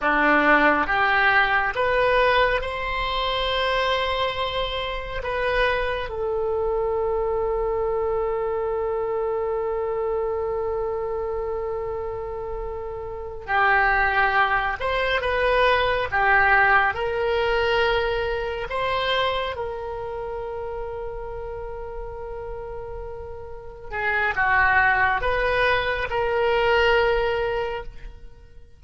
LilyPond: \new Staff \with { instrumentName = "oboe" } { \time 4/4 \tempo 4 = 69 d'4 g'4 b'4 c''4~ | c''2 b'4 a'4~ | a'1~ | a'2.~ a'8 g'8~ |
g'4 c''8 b'4 g'4 ais'8~ | ais'4. c''4 ais'4.~ | ais'2.~ ais'8 gis'8 | fis'4 b'4 ais'2 | }